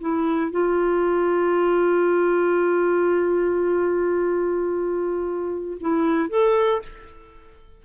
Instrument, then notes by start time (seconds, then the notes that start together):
clarinet
0.00 E4
0.51 F4
5.80 E4
6.29 A4